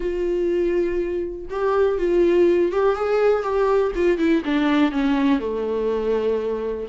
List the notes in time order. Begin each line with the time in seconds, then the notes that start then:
0.00 F4
1.50 G4
1.98 F4
2.72 G4
2.95 G#4
3.42 G4
3.95 F4
4.18 E4
4.44 D4
4.91 C#4
5.39 A3